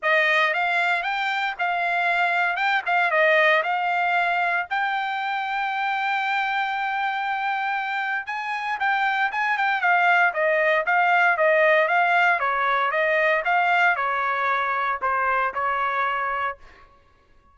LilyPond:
\new Staff \with { instrumentName = "trumpet" } { \time 4/4 \tempo 4 = 116 dis''4 f''4 g''4 f''4~ | f''4 g''8 f''8 dis''4 f''4~ | f''4 g''2.~ | g''1 |
gis''4 g''4 gis''8 g''8 f''4 | dis''4 f''4 dis''4 f''4 | cis''4 dis''4 f''4 cis''4~ | cis''4 c''4 cis''2 | }